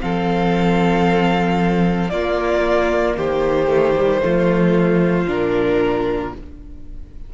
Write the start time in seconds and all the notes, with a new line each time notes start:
0.00 F3 C4 A4 F5
2.09 A#3 F4 D5
3.16 D#3 G4 C5
3.67 A3
3.96 G3
4.21 F3 A3 F4
5.27 A#2 D4 A#4